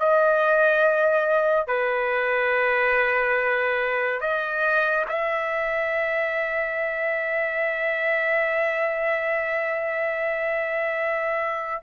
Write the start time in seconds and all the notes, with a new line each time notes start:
0.00 D#5
1.67 B4
4.21 D#5
5.09 E5